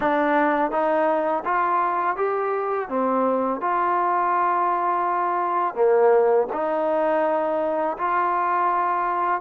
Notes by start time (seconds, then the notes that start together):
0.00 D4
0.71 D#4
1.44 F4
2.16 G4
2.88 C4
3.60 F4
5.75 A#3
6.52 D#4
7.97 F4